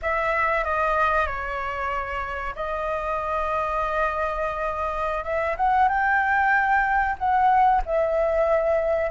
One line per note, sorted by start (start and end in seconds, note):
0.01 0.64 E5
0.64 1.26 D#5
1.26 2.54 C#5
2.55 5.24 D#5
5.24 5.56 E5
5.56 5.88 F#5
5.88 7.16 G5
7.18 7.82 F#5
7.85 9.10 E5